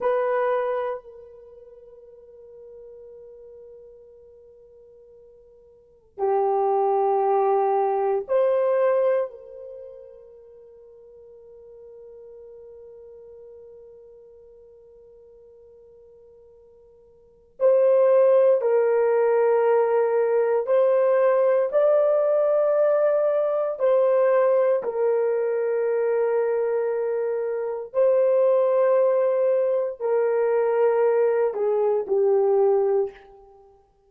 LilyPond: \new Staff \with { instrumentName = "horn" } { \time 4/4 \tempo 4 = 58 b'4 ais'2.~ | ais'2 g'2 | c''4 ais'2.~ | ais'1~ |
ais'4 c''4 ais'2 | c''4 d''2 c''4 | ais'2. c''4~ | c''4 ais'4. gis'8 g'4 | }